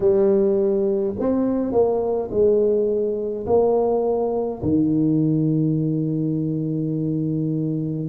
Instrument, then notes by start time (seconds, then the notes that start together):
tuba
0.00 G3
1.19 C4
1.72 A#3
2.30 G#3
3.46 A#3
4.62 D#3